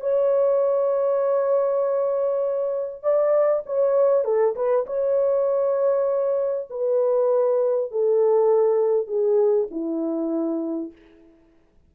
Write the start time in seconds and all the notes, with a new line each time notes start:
0.00 C#5
3.02 D5
3.66 C#5
4.24 A4
4.55 B4
4.86 C#5
6.69 B4
7.91 A4
9.07 G#4
9.70 E4